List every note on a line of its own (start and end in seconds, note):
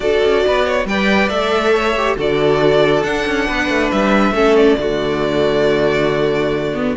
0.00 0.20 D4
0.00 0.84 F#4
0.00 0.45 A4
0.00 0.86 D5
0.23 0.45 C#4
0.46 0.85 B3
0.46 0.65 B4
0.65 0.87 C#5
0.85 1.28 G3
0.85 1.30 B4
0.85 1.73 D5
0.85 1.29 G5
1.29 2.16 A3
1.29 1.95 A4
1.29 2.16 E5
1.73 2.16 C#5
1.96 2.17 G4
2.17 3.03 D3
2.17 3.04 F#4
2.17 3.46 A4
2.17 3.03 D5
3.03 3.25 D4
3.03 4.34 D4
3.03 3.90 F#5
3.26 3.48 C#4
3.46 3.69 B3
3.46 4.33 B4
3.69 3.90 A3
3.91 4.31 G3
3.91 4.56 E5
4.31 4.74 A3
4.31 4.77 C#4
4.31 4.78 A4
4.56 6.95 D5
4.77 6.95 D3
4.77 6.73 A3
4.77 6.97 F#4
6.73 6.95 B3